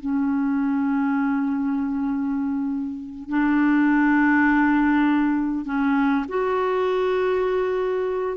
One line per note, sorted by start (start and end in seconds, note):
0.00 3.29 C#4
3.29 5.65 D4
5.65 6.25 C#4
6.28 8.37 F#4